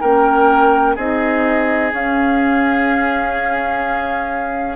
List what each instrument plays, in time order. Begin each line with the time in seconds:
0.00 bassoon A#3, clarinet C#4, oboe A#4, flute G5
0.95 bassoon C4, clarinet D#4, oboe G#4, flute D#5
1.91 clarinet C#4, bassoon C#4, flute F5